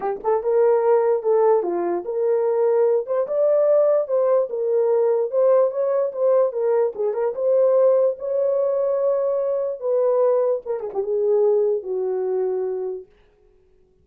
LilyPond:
\new Staff \with { instrumentName = "horn" } { \time 4/4 \tempo 4 = 147 g'8 a'8 ais'2 a'4 | f'4 ais'2~ ais'8 c''8 | d''2 c''4 ais'4~ | ais'4 c''4 cis''4 c''4 |
ais'4 gis'8 ais'8 c''2 | cis''1 | b'2 ais'8 gis'16 g'16 gis'4~ | gis'4 fis'2. | }